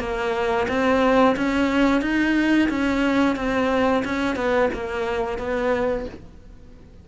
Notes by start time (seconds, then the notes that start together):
0.00 A#3
0.69 C4
1.36 C#4
2.02 D#4
2.70 C#4
3.36 C4
4.05 C#4
4.36 B3
4.74 A#3
5.38 B3